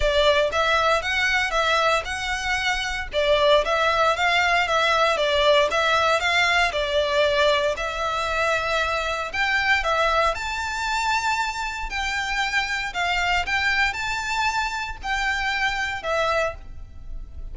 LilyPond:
\new Staff \with { instrumentName = "violin" } { \time 4/4 \tempo 4 = 116 d''4 e''4 fis''4 e''4 | fis''2 d''4 e''4 | f''4 e''4 d''4 e''4 | f''4 d''2 e''4~ |
e''2 g''4 e''4 | a''2. g''4~ | g''4 f''4 g''4 a''4~ | a''4 g''2 e''4 | }